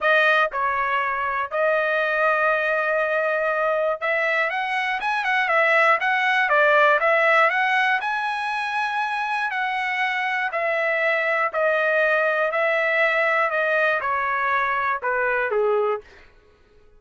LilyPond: \new Staff \with { instrumentName = "trumpet" } { \time 4/4 \tempo 4 = 120 dis''4 cis''2 dis''4~ | dis''1 | e''4 fis''4 gis''8 fis''8 e''4 | fis''4 d''4 e''4 fis''4 |
gis''2. fis''4~ | fis''4 e''2 dis''4~ | dis''4 e''2 dis''4 | cis''2 b'4 gis'4 | }